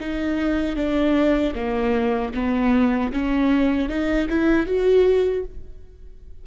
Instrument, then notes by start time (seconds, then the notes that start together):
viola
0.00 D#4
0.76 D4
1.55 A#3
2.34 B3
3.12 C#4
3.89 D#4
4.29 E4
4.66 F#4